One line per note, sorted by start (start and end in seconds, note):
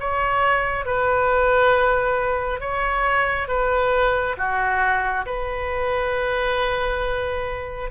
0.00 0.85 C#5
0.85 2.60 B4
2.60 3.48 C#5
3.48 4.36 B4
4.37 5.25 F#4
5.26 7.91 B4